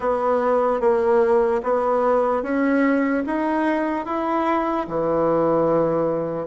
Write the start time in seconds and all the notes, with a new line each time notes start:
0.00 B3
0.80 A#3
1.63 B3
2.42 C#4
3.26 D#4
4.05 E4
4.87 E3